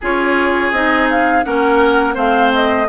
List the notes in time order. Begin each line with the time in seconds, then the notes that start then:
0.01 C#4 F4 G#4 C#5
0.71 C4 D#4 D#5
1.10 F5
1.44 A#3 C#4 A#4 F#5
2.14 A3 C4 C5 F5
2.53 D#5